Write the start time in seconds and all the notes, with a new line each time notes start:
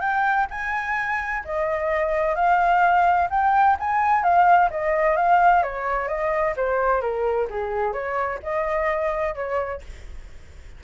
0.00 G5
0.50 G#5
1.44 D#5
2.35 F5
3.30 G5
3.79 G#5
4.23 F5
4.70 D#5
5.16 F5
5.62 C#5
6.07 D#5
6.56 C5
7.01 A#4
7.49 G#4
7.92 C#5
8.42 D#5
9.34 C#5